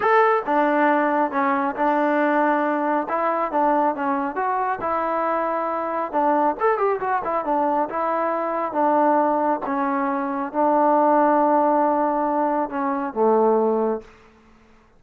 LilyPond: \new Staff \with { instrumentName = "trombone" } { \time 4/4 \tempo 4 = 137 a'4 d'2 cis'4 | d'2. e'4 | d'4 cis'4 fis'4 e'4~ | e'2 d'4 a'8 g'8 |
fis'8 e'8 d'4 e'2 | d'2 cis'2 | d'1~ | d'4 cis'4 a2 | }